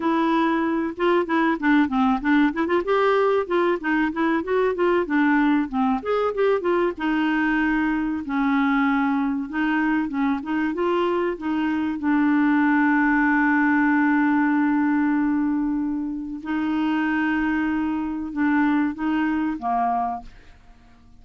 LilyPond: \new Staff \with { instrumentName = "clarinet" } { \time 4/4 \tempo 4 = 95 e'4. f'8 e'8 d'8 c'8 d'8 | e'16 f'16 g'4 f'8 dis'8 e'8 fis'8 f'8 | d'4 c'8 gis'8 g'8 f'8 dis'4~ | dis'4 cis'2 dis'4 |
cis'8 dis'8 f'4 dis'4 d'4~ | d'1~ | d'2 dis'2~ | dis'4 d'4 dis'4 ais4 | }